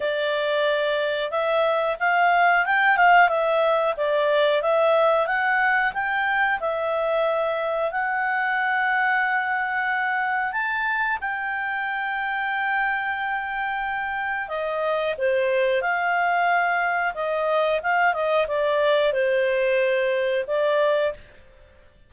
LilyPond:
\new Staff \with { instrumentName = "clarinet" } { \time 4/4 \tempo 4 = 91 d''2 e''4 f''4 | g''8 f''8 e''4 d''4 e''4 | fis''4 g''4 e''2 | fis''1 |
a''4 g''2.~ | g''2 dis''4 c''4 | f''2 dis''4 f''8 dis''8 | d''4 c''2 d''4 | }